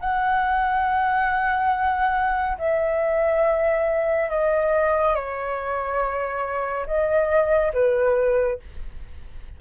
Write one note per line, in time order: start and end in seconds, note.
0.00 2.57 F#5
2.58 4.29 E5
4.29 5.15 D#5
5.15 6.86 C#5
6.86 7.72 D#5
7.73 8.59 B4